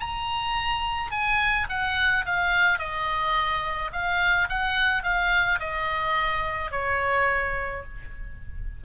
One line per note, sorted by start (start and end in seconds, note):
0.00 1.11 A#5
1.11 1.67 G#5
1.69 2.25 F#5
2.26 2.79 F5
2.79 3.91 D#5
3.92 4.48 F5
4.49 5.03 F#5
5.03 5.59 F5
5.60 6.71 D#5
6.71 7.84 C#5